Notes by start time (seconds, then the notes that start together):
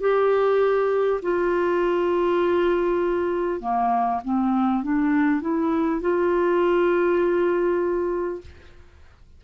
0.00 G4
1.22 F4
3.60 A#3
4.24 C4
4.83 D4
5.41 E4
6.01 F4